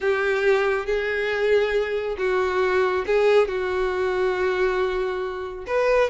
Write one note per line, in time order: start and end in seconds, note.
0.01 0.85 G4
0.85 2.16 G#4
2.18 3.05 F#4
3.06 3.48 G#4
3.48 5.65 F#4
5.66 6.10 B4